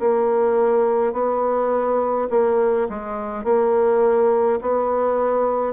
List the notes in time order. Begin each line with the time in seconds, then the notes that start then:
0.00 A#3
1.13 B3
2.31 A#3
2.90 G#3
3.45 A#3
4.62 B3